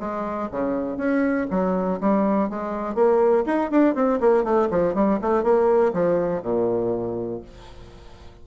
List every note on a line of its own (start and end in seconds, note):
0.00 0.50 G#3
0.52 0.98 C#3
0.98 1.47 C#4
1.51 2.00 F#3
2.01 2.50 G3
2.50 2.95 G#3
2.95 3.45 A#3
3.46 3.71 D#4
3.71 3.95 D4
3.95 4.20 C4
4.21 4.44 A#3
4.44 4.69 A3
4.71 4.95 F3
4.95 5.20 G3
5.22 5.44 A3
5.44 5.93 A#3
5.93 6.43 F3
6.43 7.42 A#2